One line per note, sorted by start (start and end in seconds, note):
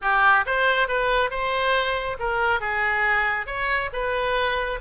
0.01 0.45 G4
0.46 0.88 C5
0.88 1.30 B4
1.30 2.17 C5
2.19 2.60 A#4
2.60 3.46 G#4
3.46 3.89 C#5
3.92 4.79 B4